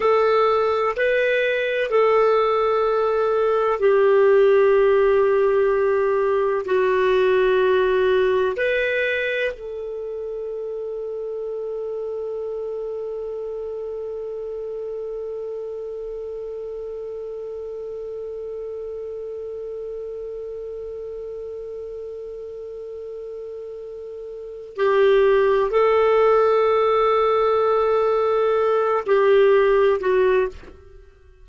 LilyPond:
\new Staff \with { instrumentName = "clarinet" } { \time 4/4 \tempo 4 = 63 a'4 b'4 a'2 | g'2. fis'4~ | fis'4 b'4 a'2~ | a'1~ |
a'1~ | a'1~ | a'2 g'4 a'4~ | a'2~ a'8 g'4 fis'8 | }